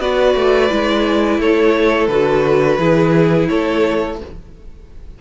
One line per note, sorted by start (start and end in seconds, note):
0.00 0.35 B3
0.00 0.70 F#4
0.00 1.40 B4
0.00 1.40 D5
0.35 0.70 A3
0.70 1.39 G#3
0.70 2.09 E4
1.39 2.08 A3
1.39 2.80 A4
1.39 2.07 C#5
2.07 2.78 D3
2.07 2.80 F#4
2.07 3.47 B4
2.78 3.48 E3
2.78 4.20 E4
2.78 3.50 G#4
3.48 4.21 A3
3.48 4.20 A4
3.48 4.18 C#5